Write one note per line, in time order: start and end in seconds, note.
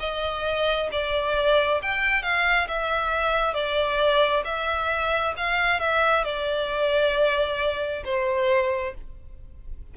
0.00 0.90 D#5
0.92 1.82 D5
1.82 2.23 G5
2.23 2.67 F5
2.68 3.54 E5
3.54 4.43 D5
4.45 5.34 E5
5.37 5.80 F5
5.80 6.24 E5
6.24 8.04 D5
8.05 8.94 C5